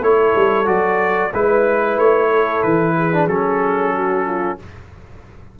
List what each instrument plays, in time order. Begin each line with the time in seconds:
0.00 tuba A3, trombone E4, horn A4, trumpet C#5
0.35 tuba G3
0.65 tuba F#3, trombone F#4, trumpet D5
1.32 tuba G#3, trombone E4, horn B4, trumpet B4
1.97 tuba A3, trumpet C#5
2.28 horn A4
2.62 tuba E3, trumpet B4
2.96 horn G#4
3.12 trombone D4
3.26 tuba F#3, trombone C#4, trumpet A4
3.94 horn F#4
4.25 horn F4